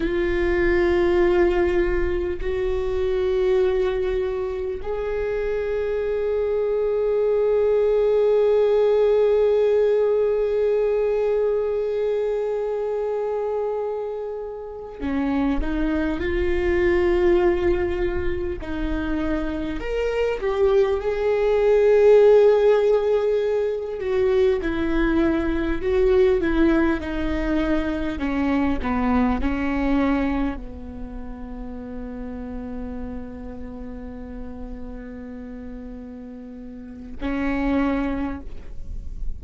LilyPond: \new Staff \with { instrumentName = "viola" } { \time 4/4 \tempo 4 = 50 f'2 fis'2 | gis'1~ | gis'1~ | gis'8 cis'8 dis'8 f'2 dis'8~ |
dis'8 ais'8 g'8 gis'2~ gis'8 | fis'8 e'4 fis'8 e'8 dis'4 cis'8 | b8 cis'4 b2~ b8~ | b2. cis'4 | }